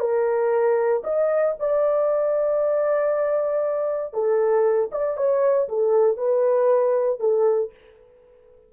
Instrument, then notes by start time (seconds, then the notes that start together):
horn
0.00 A#4
1.04 D#5
1.59 D5
4.14 A4
4.92 D5
5.17 C#5
5.69 A4
6.17 B4
7.20 A4